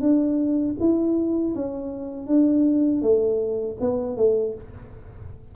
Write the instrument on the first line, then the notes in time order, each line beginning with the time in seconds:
tuba
0.00 D4
0.79 E4
1.55 C#4
2.27 D4
3.02 A3
3.80 B3
4.16 A3